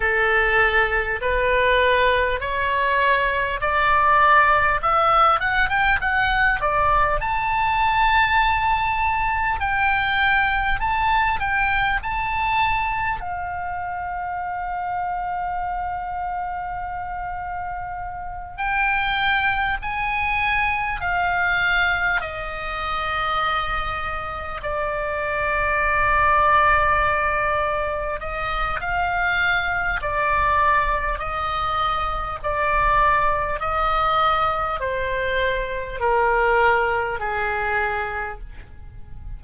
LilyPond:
\new Staff \with { instrumentName = "oboe" } { \time 4/4 \tempo 4 = 50 a'4 b'4 cis''4 d''4 | e''8 fis''16 g''16 fis''8 d''8 a''2 | g''4 a''8 g''8 a''4 f''4~ | f''2.~ f''8 g''8~ |
g''8 gis''4 f''4 dis''4.~ | dis''8 d''2. dis''8 | f''4 d''4 dis''4 d''4 | dis''4 c''4 ais'4 gis'4 | }